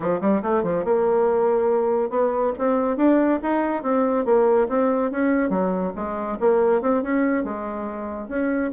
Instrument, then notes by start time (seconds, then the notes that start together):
bassoon
0.00 F3
0.21 G3
0.42 A3
0.63 F3
0.84 A#3
2.10 B3
2.58 C4
2.97 D4
3.42 D#4
3.83 C4
4.25 A#3
4.68 C4
5.11 C#4
5.49 F#3
5.95 G#3
6.39 A#3
6.81 C4
7.02 C#4
7.44 G#3
8.28 C#4